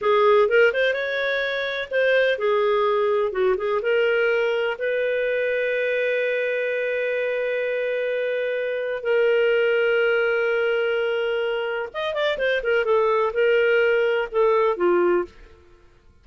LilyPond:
\new Staff \with { instrumentName = "clarinet" } { \time 4/4 \tempo 4 = 126 gis'4 ais'8 c''8 cis''2 | c''4 gis'2 fis'8 gis'8 | ais'2 b'2~ | b'1~ |
b'2. ais'4~ | ais'1~ | ais'4 dis''8 d''8 c''8 ais'8 a'4 | ais'2 a'4 f'4 | }